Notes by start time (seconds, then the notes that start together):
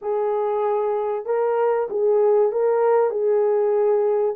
0.01 G#4
1.25 A#4
1.90 G#4
2.51 A#4
3.10 G#4